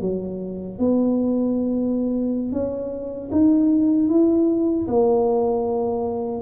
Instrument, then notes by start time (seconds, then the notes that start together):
tuba
0.00 F#3
0.78 B3
2.52 C#4
3.31 D#4
4.09 E4
4.87 A#3